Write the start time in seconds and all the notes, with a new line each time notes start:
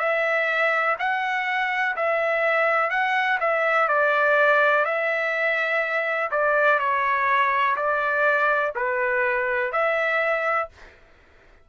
0.00 E5
0.99 F#5
1.97 E5
2.91 F#5
3.41 E5
3.89 D5
4.86 E5
6.32 D5
6.80 C#5
7.76 D5
8.76 B4
9.73 E5